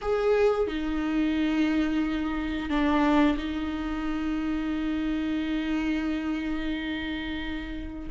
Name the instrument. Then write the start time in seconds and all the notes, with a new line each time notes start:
viola
0.01 G#4
0.67 D#4
2.69 D4
3.37 D#4